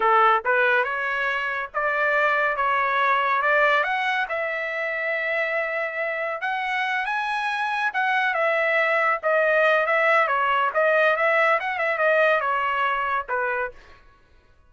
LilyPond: \new Staff \with { instrumentName = "trumpet" } { \time 4/4 \tempo 4 = 140 a'4 b'4 cis''2 | d''2 cis''2 | d''4 fis''4 e''2~ | e''2. fis''4~ |
fis''8 gis''2 fis''4 e''8~ | e''4. dis''4. e''4 | cis''4 dis''4 e''4 fis''8 e''8 | dis''4 cis''2 b'4 | }